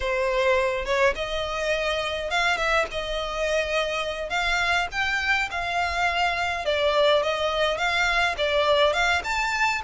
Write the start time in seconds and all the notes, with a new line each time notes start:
0.00 C5
0.85 C#5
1.15 D#5
2.30 F5
2.57 E5
2.91 D#5
4.29 F5
4.91 G5
5.50 F5
6.65 D5
7.22 D#5
7.77 F5
8.37 D5
8.93 F5
9.23 A5